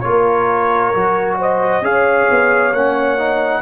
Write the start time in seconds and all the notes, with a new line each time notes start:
0.00 A#3 F4 A#4 C#5
0.94 F#3 F#4
1.38 C5 D#5
1.81 C#4 G#4 C#5 F5
2.30 B3
2.72 A#3 C#4 F#5
3.18 D#4